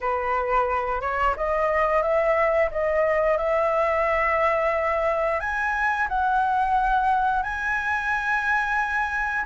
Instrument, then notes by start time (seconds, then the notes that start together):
flute
0.00 B4
1.01 C#5
1.36 D#5
2.02 E5
2.71 D#5
3.37 E5
5.40 G#5
6.08 F#5
7.42 G#5